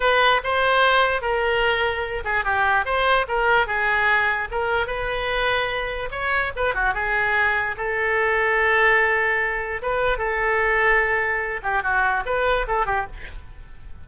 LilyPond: \new Staff \with { instrumentName = "oboe" } { \time 4/4 \tempo 4 = 147 b'4 c''2 ais'4~ | ais'4. gis'8 g'4 c''4 | ais'4 gis'2 ais'4 | b'2. cis''4 |
b'8 fis'8 gis'2 a'4~ | a'1 | b'4 a'2.~ | a'8 g'8 fis'4 b'4 a'8 g'8 | }